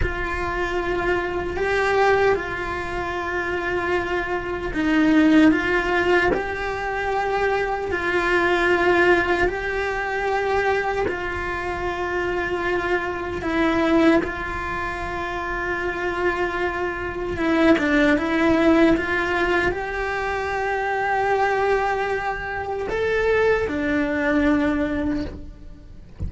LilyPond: \new Staff \with { instrumentName = "cello" } { \time 4/4 \tempo 4 = 76 f'2 g'4 f'4~ | f'2 dis'4 f'4 | g'2 f'2 | g'2 f'2~ |
f'4 e'4 f'2~ | f'2 e'8 d'8 e'4 | f'4 g'2.~ | g'4 a'4 d'2 | }